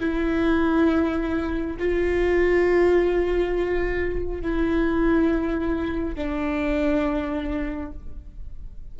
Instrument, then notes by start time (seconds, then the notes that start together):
viola
0.00 E4
1.78 F4
4.42 E4
6.15 D4